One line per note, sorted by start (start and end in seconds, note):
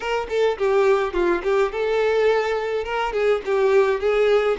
0.00 0.27 A#4
0.29 0.57 A4
0.58 1.13 G4
1.13 1.41 F4
1.43 1.71 G4
1.72 2.84 A4
2.84 3.12 A#4
3.12 3.41 G#4
3.45 4.00 G4
4.00 4.57 G#4